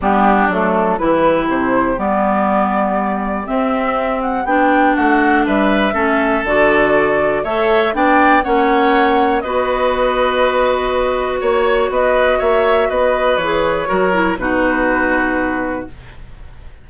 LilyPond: <<
  \new Staff \with { instrumentName = "flute" } { \time 4/4 \tempo 4 = 121 g'4 a'4 b'4 c''4 | d''2. e''4~ | e''8 fis''8 g''4 fis''4 e''4~ | e''4 d''2 e''4 |
g''4 fis''2 dis''4~ | dis''2. cis''4 | dis''4 e''4 dis''4 cis''4~ | cis''4 b'2. | }
  \new Staff \with { instrumentName = "oboe" } { \time 4/4 d'2 g'2~ | g'1~ | g'2 fis'4 b'4 | a'2. cis''4 |
d''4 cis''2 b'4~ | b'2. cis''4 | b'4 cis''4 b'2 | ais'4 fis'2. | }
  \new Staff \with { instrumentName = "clarinet" } { \time 4/4 b4 a4 e'2 | b2. c'4~ | c'4 d'2. | cis'4 fis'2 a'4 |
d'4 cis'2 fis'4~ | fis'1~ | fis'2. gis'4 | fis'8 e'8 dis'2. | }
  \new Staff \with { instrumentName = "bassoon" } { \time 4/4 g4 fis4 e4 c4 | g2. c'4~ | c'4 b4 a4 g4 | a4 d2 a4 |
b4 ais2 b4~ | b2. ais4 | b4 ais4 b4 e4 | fis4 b,2. | }
>>